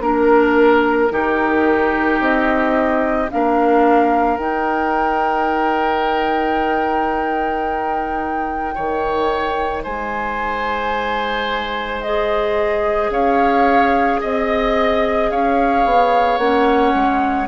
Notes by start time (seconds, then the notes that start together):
0.00 A#3 D4 A#4
1.09 D#3 D#4 G4
2.19 C4 D#5
3.31 A#3 D4 A#4 F5
4.37 D#4 G5
8.75 D#3 C#5
9.83 G#3 C5 G#5
12.01 G#4 D#5
13.09 C#4 C#5 F5
14.21 C4 D#5
15.30 C#4 C#5 F5
15.85 B3
16.37 A#3 C#4 F#5
16.94 G#3